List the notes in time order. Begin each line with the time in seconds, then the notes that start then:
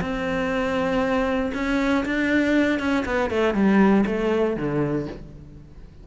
0.00 C4
1.54 C#4
2.05 D4
2.79 C#4
3.05 B3
3.30 A3
3.54 G3
4.06 A3
4.56 D3